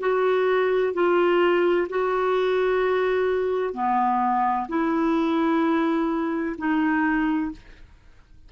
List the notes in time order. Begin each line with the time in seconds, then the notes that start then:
0.00 F#4
0.94 F4
1.89 F#4
3.74 B3
4.69 E4
6.58 D#4